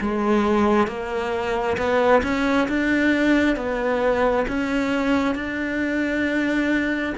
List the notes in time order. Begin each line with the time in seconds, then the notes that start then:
0.00 G#3
0.87 A#3
1.77 B3
2.23 C#4
2.68 D4
3.56 B3
4.47 C#4
5.34 D4